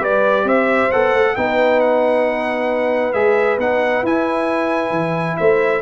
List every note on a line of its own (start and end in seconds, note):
0.00 0.44 G3
0.00 0.90 G4
0.00 0.45 B4
0.00 0.48 D5
0.44 0.89 C4
0.44 1.34 C5
0.44 0.91 E5
0.91 1.13 B3
0.91 1.37 A4
0.91 1.36 F#5
1.13 1.36 A3
1.36 3.14 B3
1.36 3.14 D#4
1.36 5.38 B4
1.36 1.80 G5
1.80 3.13 F#5
3.13 3.57 G#3
3.13 3.58 G#4
3.13 3.57 E5
3.57 4.02 B3
3.57 4.05 D#4
3.57 4.05 F#5
4.03 4.90 E4
4.03 5.82 E4
4.03 5.37 G#5
4.90 5.35 E3
5.37 5.82 A3
5.37 5.82 C5
5.37 5.81 E5